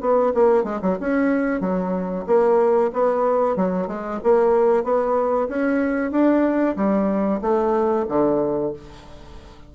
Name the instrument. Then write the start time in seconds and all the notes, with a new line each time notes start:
bassoon
0.00 B3
0.34 A#3
0.64 G#3
0.82 F#3
1.00 C#4
1.60 F#3
2.26 A#3
2.93 B3
3.56 F#3
3.87 G#3
4.23 A#3
4.84 B3
5.48 C#4
6.11 D4
6.76 G3
7.41 A3
8.08 D3